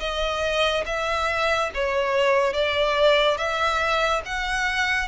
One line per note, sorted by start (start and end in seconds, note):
0.00 0.85 D#5
0.86 1.71 E5
1.74 2.54 C#5
2.54 3.38 D5
3.38 4.22 E5
4.26 5.09 F#5